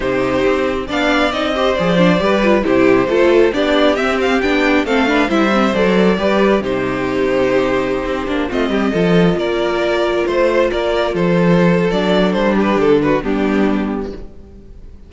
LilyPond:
<<
  \new Staff \with { instrumentName = "violin" } { \time 4/4 \tempo 4 = 136 c''2 f''4 dis''4 | d''2 c''2 | d''4 e''8 f''8 g''4 f''4 | e''4 d''2 c''4~ |
c''2.~ c''16 dis''8.~ | dis''4~ dis''16 d''2 c''8.~ | c''16 d''4 c''4.~ c''16 d''4 | c''8 b'8 a'8 b'8 g'2 | }
  \new Staff \with { instrumentName = "violin" } { \time 4/4 g'2 d''4. c''8~ | c''4 b'4 g'4 a'4 | g'2. a'8 b'8 | c''2 b'4 g'4~ |
g'2.~ g'16 f'8 g'16~ | g'16 a'4 ais'2 c''8.~ | c''16 ais'4 a'2~ a'8.~ | a'8 g'4 fis'8 d'2 | }
  \new Staff \with { instrumentName = "viola" } { \time 4/4 dis'2 d'4 dis'8 g'8 | gis'8 d'8 g'8 f'8 e'4 f'4 | d'4 c'4 d'4 c'8 d'8 | e'8 c'8 a'4 g'4 dis'4~ |
dis'2~ dis'8. d'8 c'8.~ | c'16 f'2.~ f'8.~ | f'2. d'4~ | d'2 b2 | }
  \new Staff \with { instrumentName = "cello" } { \time 4/4 c4 c'4 b4 c'4 | f4 g4 c4 a4 | b4 c'4 b4 a4 | g4 fis4 g4 c4~ |
c2~ c16 c'8 ais8 a8 g16~ | g16 f4 ais2 a8.~ | a16 ais4 f4.~ f16 fis4 | g4 d4 g2 | }
>>